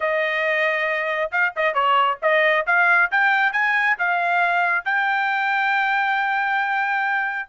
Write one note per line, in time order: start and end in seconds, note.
0.00 1.30 D#5
1.31 1.53 F5
1.56 1.73 D#5
1.73 2.18 C#5
2.21 2.66 D#5
2.66 3.10 F5
3.11 3.52 G5
3.52 3.96 G#5
3.98 4.84 F5
4.84 7.49 G5